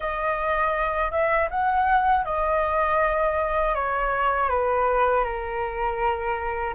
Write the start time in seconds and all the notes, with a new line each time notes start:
0.00 D#5
1.11 E5
1.50 F#5
2.24 D#5
3.74 C#5
4.49 B4
5.24 A#4